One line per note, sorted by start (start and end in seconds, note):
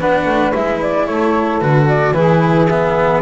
0.00 0.26 B3
0.00 0.54 D4
0.00 1.07 B4
0.00 0.54 F#5
0.26 0.53 A3
0.54 1.08 G#3
0.54 1.61 E4
0.54 0.81 E5
0.81 1.06 D5
1.06 1.61 A3
1.06 2.16 A4
1.06 1.60 C#5
1.60 2.12 D3
1.60 2.15 F#4
1.60 1.87 B4
1.88 2.13 D5
2.12 3.19 E3
2.12 2.68 E4
2.12 3.23 G#4
2.12 2.67 B4
2.69 3.23 B3
2.69 3.22 E5